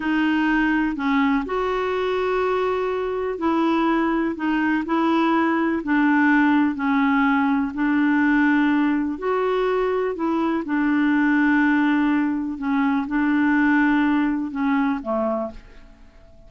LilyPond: \new Staff \with { instrumentName = "clarinet" } { \time 4/4 \tempo 4 = 124 dis'2 cis'4 fis'4~ | fis'2. e'4~ | e'4 dis'4 e'2 | d'2 cis'2 |
d'2. fis'4~ | fis'4 e'4 d'2~ | d'2 cis'4 d'4~ | d'2 cis'4 a4 | }